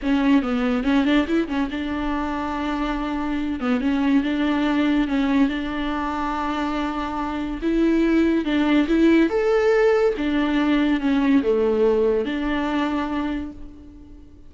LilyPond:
\new Staff \with { instrumentName = "viola" } { \time 4/4 \tempo 4 = 142 cis'4 b4 cis'8 d'8 e'8 cis'8 | d'1~ | d'8 b8 cis'4 d'2 | cis'4 d'2.~ |
d'2 e'2 | d'4 e'4 a'2 | d'2 cis'4 a4~ | a4 d'2. | }